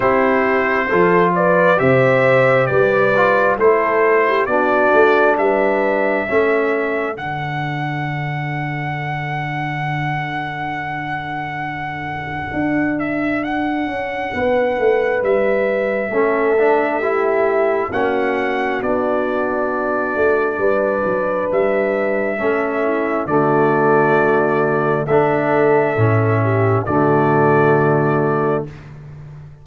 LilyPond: <<
  \new Staff \with { instrumentName = "trumpet" } { \time 4/4 \tempo 4 = 67 c''4. d''8 e''4 d''4 | c''4 d''4 e''2 | fis''1~ | fis''2~ fis''8 e''8 fis''4~ |
fis''4 e''2. | fis''4 d''2. | e''2 d''2 | e''2 d''2 | }
  \new Staff \with { instrumentName = "horn" } { \time 4/4 g'4 a'8 b'8 c''4 b'4 | a'8. g'16 fis'4 b'4 a'4~ | a'1~ | a'1 |
b'2 a'4 g'4 | fis'2. b'4~ | b'4 a'8 e'8 fis'2 | a'4. g'8 fis'2 | }
  \new Staff \with { instrumentName = "trombone" } { \time 4/4 e'4 f'4 g'4. f'8 | e'4 d'2 cis'4 | d'1~ | d'1~ |
d'2 cis'8 d'8 e'4 | cis'4 d'2.~ | d'4 cis'4 a2 | d'4 cis'4 a2 | }
  \new Staff \with { instrumentName = "tuba" } { \time 4/4 c'4 f4 c4 g4 | a4 b8 a8 g4 a4 | d1~ | d2 d'4. cis'8 |
b8 a8 g4 a2 | ais4 b4. a8 g8 fis8 | g4 a4 d2 | a4 a,4 d2 | }
>>